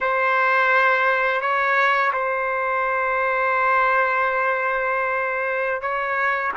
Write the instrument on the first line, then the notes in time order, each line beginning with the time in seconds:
trumpet
0.01 C5
1.41 C#5
2.12 C5
5.81 C#5